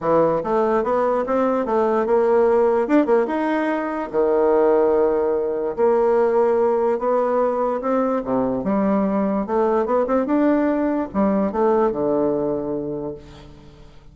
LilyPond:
\new Staff \with { instrumentName = "bassoon" } { \time 4/4 \tempo 4 = 146 e4 a4 b4 c'4 | a4 ais2 d'8 ais8 | dis'2 dis2~ | dis2 ais2~ |
ais4 b2 c'4 | c4 g2 a4 | b8 c'8 d'2 g4 | a4 d2. | }